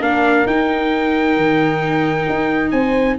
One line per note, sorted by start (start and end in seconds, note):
0.00 0.45 A#3
0.00 0.46 D4
0.00 2.72 A#4
0.00 0.47 F5
0.47 1.37 D#4
0.47 3.19 D#4
0.47 2.71 G5
1.37 2.27 D#3
2.29 2.72 D#4
2.71 3.17 C4
2.71 3.19 C5
2.71 3.16 G#5